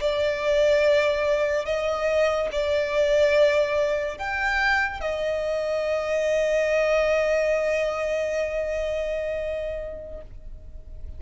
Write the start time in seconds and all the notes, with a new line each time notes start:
0.00 D5
1.65 D#5
2.51 D5
4.18 G5
5.00 D#5